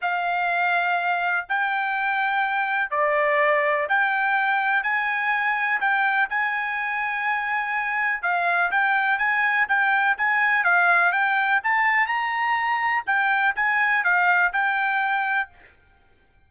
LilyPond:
\new Staff \with { instrumentName = "trumpet" } { \time 4/4 \tempo 4 = 124 f''2. g''4~ | g''2 d''2 | g''2 gis''2 | g''4 gis''2.~ |
gis''4 f''4 g''4 gis''4 | g''4 gis''4 f''4 g''4 | a''4 ais''2 g''4 | gis''4 f''4 g''2 | }